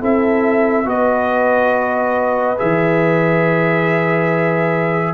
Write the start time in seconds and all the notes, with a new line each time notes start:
0.00 C4 E4 A4 E5
0.85 B3 F#4 B4 D#5
2.58 E3 G#4 E5